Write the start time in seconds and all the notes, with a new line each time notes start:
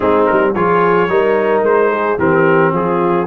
0.00 G#3 C4 D#4 G#4
0.26 G3 A#4
0.54 F3 F4 G#4 C#5
1.08 G3 D#4 A#4
1.62 G#3 C5
1.90 G#4
2.18 E3 C4 G4 A#4
2.72 F3 F4 G#4